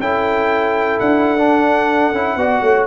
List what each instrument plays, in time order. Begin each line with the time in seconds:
0.00 tuba C#4, trombone E4, horn A4, trumpet G5
0.99 tuba D4, trumpet F#5
1.38 trombone D4
2.12 tuba C#4, trombone E4
2.36 tuba B3, trombone F#4, horn D5
2.62 tuba A3, horn C#5